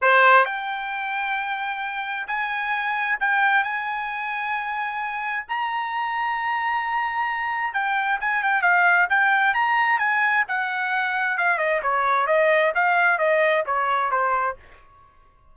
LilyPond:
\new Staff \with { instrumentName = "trumpet" } { \time 4/4 \tempo 4 = 132 c''4 g''2.~ | g''4 gis''2 g''4 | gis''1 | ais''1~ |
ais''4 g''4 gis''8 g''8 f''4 | g''4 ais''4 gis''4 fis''4~ | fis''4 f''8 dis''8 cis''4 dis''4 | f''4 dis''4 cis''4 c''4 | }